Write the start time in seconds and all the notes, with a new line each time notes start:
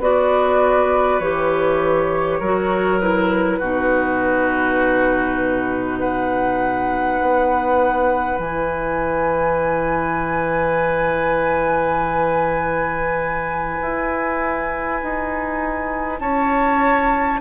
0.00 B3 F#4 B4 D5
1.20 E3 G4 C#5
2.40 F#3 F#4 A#4
3.00 E4 B4
3.59 B2 D#4 F#4
5.99 B4 F#5
7.21 B3
8.39 E3 E4 G#5
13.82 E4
15.03 D#4
16.20 C#4 C#5 A5